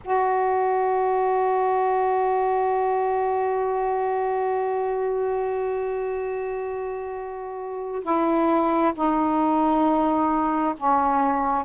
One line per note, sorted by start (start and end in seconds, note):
0.04 8.03 F#4
8.03 8.93 E4
8.95 10.74 D#4
10.77 11.64 C#4